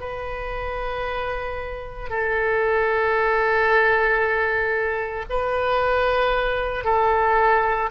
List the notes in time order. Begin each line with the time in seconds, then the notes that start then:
0.00 B4
2.09 A4
5.30 B4
6.84 A4